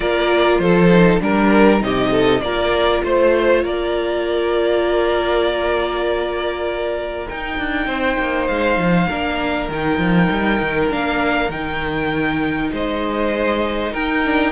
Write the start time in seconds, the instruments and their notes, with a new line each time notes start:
0.00 cello A#3, viola F4, violin A#4 D5
0.58 cello F3, violin A4 C5
0.92 viola D#4
1.20 cello G3, viola D4, violin A#4
1.80 cello C3, viola D#4, violin G4 D#5
2.11 violin A4
2.41 cello A#3, viola F4, violin A#4 D5
3.03 cello A3, violin C5
3.62 cello A#3, violin A#4 D5
7.28 viola D#4, cello D#4, violin G5
7.58 cello D4
7.86 cello C4, violin C5
8.18 cello A#3
8.47 cello G#3, violin F5
8.77 cello F3
9.07 cello A#3, viola D4, violin A#4
9.68 cello D#3, viola D#4, violin G5
9.98 cello F3
10.30 cello G3
10.61 cello D#3
10.89 cello A#3, viola D4, violin F5
11.48 cello D#3, viola D#4, violin G5
12.72 cello G#3, violin C5 D#5
13.92 cello D#4, violin A#4 G5
14.24 viola D4